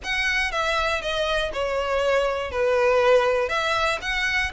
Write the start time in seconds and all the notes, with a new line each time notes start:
0.03 F#5
0.51 E5
1.01 D#5
1.52 C#5
2.51 B4
3.49 E5
4.01 F#5